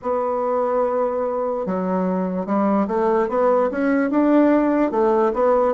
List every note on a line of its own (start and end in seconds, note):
0.02 1.66 B3
1.66 2.45 F#3
2.45 2.87 G3
2.87 3.28 A3
3.28 3.69 B3
3.70 4.10 C#4
4.10 4.91 D4
4.91 5.32 A3
5.33 5.74 B3